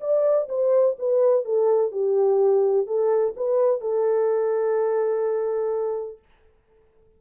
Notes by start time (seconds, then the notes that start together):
0.00 D5
0.48 C5
0.98 B4
1.44 A4
1.91 G4
2.87 A4
3.36 B4
3.81 A4